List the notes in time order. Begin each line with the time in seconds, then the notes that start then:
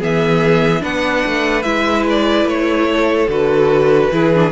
0.00 E3 B3 G#4 E5
0.80 B3 D4 B4 F#5
1.26 A3
1.63 G#3 E4 E5
2.10 D5
2.45 A3 C#5
2.91 A4
3.28 D3 F#4 B4
4.12 E3 E4 G#4
4.35 D4